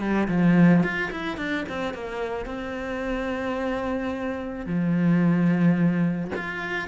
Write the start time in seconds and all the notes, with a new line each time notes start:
0.00 G3
0.28 F3
0.83 F4
1.12 E4
1.37 D4
1.69 C4
1.94 A#3
2.46 C4
4.66 F3
6.36 F4